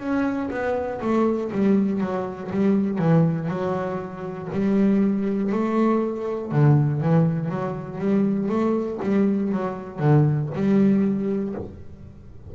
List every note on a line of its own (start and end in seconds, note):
0.00 0.50 C#4
0.51 1.01 B3
1.01 1.51 A3
1.52 2.01 G3
2.01 2.51 F#3
2.51 2.99 G3
2.99 3.49 E3
3.49 4.49 F#3
4.53 5.53 G3
5.53 6.52 A3
6.52 7.01 D3
7.01 7.50 E3
7.50 7.99 F#3
7.99 8.49 G3
8.49 8.99 A3
9.03 9.53 G3
9.53 10.00 F#3
10.00 10.50 D3
10.55 11.55 G3